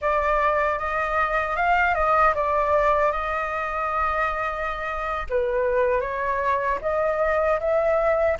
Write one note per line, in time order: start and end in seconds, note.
0.01 0.79 D5
0.79 1.56 D#5
1.56 1.94 F5
1.94 2.33 D#5
2.34 3.12 D5
3.12 5.26 D#5
5.29 6.00 B4
6.00 6.78 C#5
6.81 7.59 D#5
7.59 8.37 E5